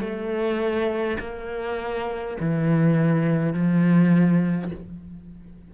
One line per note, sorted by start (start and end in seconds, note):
0.00 1.18 A3
1.20 2.37 A#3
2.40 3.53 E3
3.53 4.71 F3